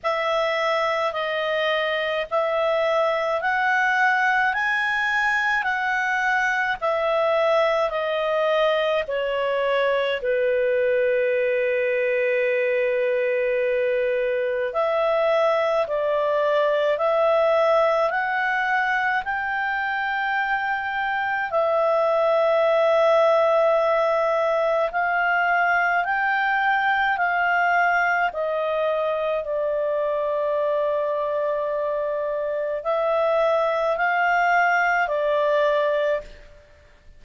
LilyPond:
\new Staff \with { instrumentName = "clarinet" } { \time 4/4 \tempo 4 = 53 e''4 dis''4 e''4 fis''4 | gis''4 fis''4 e''4 dis''4 | cis''4 b'2.~ | b'4 e''4 d''4 e''4 |
fis''4 g''2 e''4~ | e''2 f''4 g''4 | f''4 dis''4 d''2~ | d''4 e''4 f''4 d''4 | }